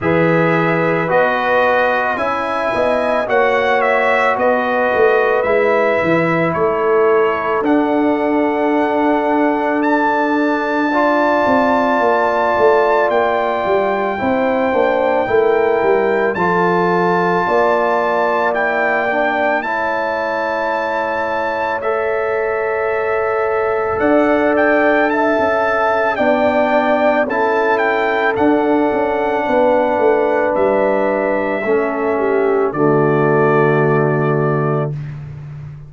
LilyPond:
<<
  \new Staff \with { instrumentName = "trumpet" } { \time 4/4 \tempo 4 = 55 e''4 dis''4 gis''4 fis''8 e''8 | dis''4 e''4 cis''4 fis''4~ | fis''4 a''2. | g''2. a''4~ |
a''4 g''4 a''2 | e''2 fis''8 g''8 a''4 | g''4 a''8 g''8 fis''2 | e''2 d''2 | }
  \new Staff \with { instrumentName = "horn" } { \time 4/4 b'2 e''8 dis''8 cis''4 | b'2 a'2~ | a'2 d''2~ | d''4 c''4 ais'4 a'4 |
d''2 cis''2~ | cis''2 d''4 e''4 | d''4 a'2 b'4~ | b'4 a'8 g'8 fis'2 | }
  \new Staff \with { instrumentName = "trombone" } { \time 4/4 gis'4 fis'4 e'4 fis'4~ | fis'4 e'2 d'4~ | d'2 f'2~ | f'4 e'8 d'8 e'4 f'4~ |
f'4 e'8 d'8 e'2 | a'1 | d'4 e'4 d'2~ | d'4 cis'4 a2 | }
  \new Staff \with { instrumentName = "tuba" } { \time 4/4 e4 b4 cis'8 b8 ais4 | b8 a8 gis8 e8 a4 d'4~ | d'2~ d'8 c'8 ais8 a8 | ais8 g8 c'8 ais8 a8 g8 f4 |
ais2 a2~ | a2 d'4~ d'16 cis'8. | b4 cis'4 d'8 cis'8 b8 a8 | g4 a4 d2 | }
>>